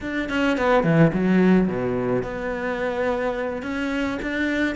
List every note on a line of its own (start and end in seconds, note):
0.01 0.29 D4
0.29 0.57 C#4
0.57 0.83 B3
0.83 1.11 E3
1.13 1.68 F#3
1.68 2.23 B2
2.23 3.62 B3
3.62 4.18 C#4
4.22 4.75 D4